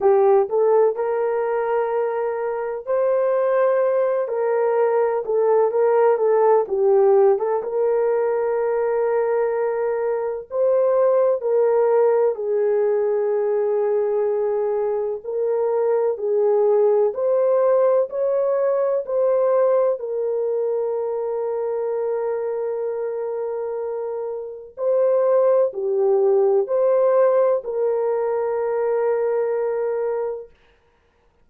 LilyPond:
\new Staff \with { instrumentName = "horn" } { \time 4/4 \tempo 4 = 63 g'8 a'8 ais'2 c''4~ | c''8 ais'4 a'8 ais'8 a'8 g'8. a'16 | ais'2. c''4 | ais'4 gis'2. |
ais'4 gis'4 c''4 cis''4 | c''4 ais'2.~ | ais'2 c''4 g'4 | c''4 ais'2. | }